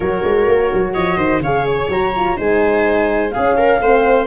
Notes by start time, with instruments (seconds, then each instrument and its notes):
0.00 tuba F#3, horn F#4, viola A#4, flute C#5
0.23 tuba G#3
0.47 tuba A#3
0.73 tuba F#3
0.93 tuba F3, viola C#5, flute D#5
1.16 tuba D#3, viola C5
1.40 tuba C#3, horn G#4, viola C#5, flute F5
1.66 flute C#5
1.88 tuba F#3, horn F#4, flute A#5
2.15 horn F4
2.36 tuba G#3, horn D#4, viola C5, flute G#5
3.31 horn C#4, tuba C#4, viola G#4, flute F5
3.57 viola A#4
3.80 tuba A3, horn C4, viola C5